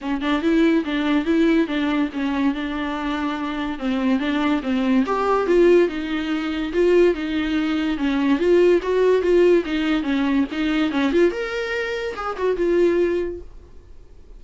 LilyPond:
\new Staff \with { instrumentName = "viola" } { \time 4/4 \tempo 4 = 143 cis'8 d'8 e'4 d'4 e'4 | d'4 cis'4 d'2~ | d'4 c'4 d'4 c'4 | g'4 f'4 dis'2 |
f'4 dis'2 cis'4 | f'4 fis'4 f'4 dis'4 | cis'4 dis'4 cis'8 f'8 ais'4~ | ais'4 gis'8 fis'8 f'2 | }